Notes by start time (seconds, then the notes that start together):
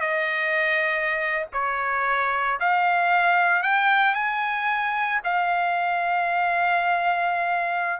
0.00 D#5
1.53 C#5
2.59 F5
3.62 G5
4.14 G#5
5.24 F5